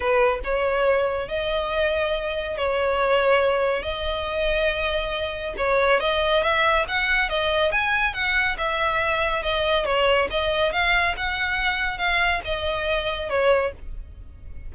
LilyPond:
\new Staff \with { instrumentName = "violin" } { \time 4/4 \tempo 4 = 140 b'4 cis''2 dis''4~ | dis''2 cis''2~ | cis''4 dis''2.~ | dis''4 cis''4 dis''4 e''4 |
fis''4 dis''4 gis''4 fis''4 | e''2 dis''4 cis''4 | dis''4 f''4 fis''2 | f''4 dis''2 cis''4 | }